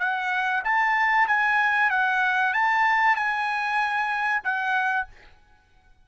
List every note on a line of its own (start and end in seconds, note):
0.00 0.63 F#5
0.65 1.27 A5
1.27 1.91 G#5
1.91 2.53 F#5
2.53 3.16 A5
3.16 4.42 G#5
4.44 5.07 F#5